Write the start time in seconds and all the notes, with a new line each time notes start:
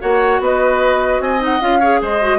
0.00 A#3 F#4 C#5 F#5
0.39 B3 B4 D#5
1.19 C4 D#5 G#5
1.39 D#4 F#5
1.60 C#4 F4 F5
1.79 G#4 C#5
2.02 G#3 C5 D#5
2.21 F#4